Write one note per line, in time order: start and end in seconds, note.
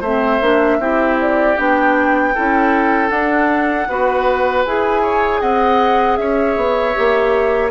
0.00 0.39 A3
0.00 0.42 C4
0.00 0.77 C5
0.00 1.17 E5
0.41 0.79 A#3
0.41 0.80 D4
0.79 1.55 C4
0.79 1.56 E4
0.79 2.34 G4
1.20 1.57 D5
1.56 2.35 B3
1.56 2.33 D4
1.56 3.09 G5
2.34 3.10 C#4
2.34 3.10 E4
2.34 3.88 A4
3.09 3.87 D4
3.09 4.63 F#5
3.88 4.65 B3
3.88 4.66 F#4
3.88 5.02 B4
4.65 5.41 E4
4.65 6.93 G#4
4.65 5.41 G#5
5.02 5.40 C#5
5.41 6.18 C4
5.41 6.18 D#5
5.41 6.16 F#5
6.16 6.56 C#4
6.16 7.71 C#5
6.16 7.70 E5
6.56 6.95 B3
6.93 7.71 A#3
6.93 7.70 G4